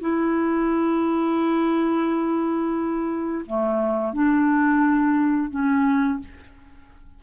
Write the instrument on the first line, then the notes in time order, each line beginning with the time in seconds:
clarinet
0.00 E4
3.46 A3
4.13 D4
5.50 C#4